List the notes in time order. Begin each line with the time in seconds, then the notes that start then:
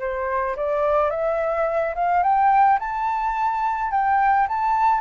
0.00 C5
0.56 D5
1.11 E5
1.95 F5
2.23 G5
2.80 A5
3.92 G5
4.48 A5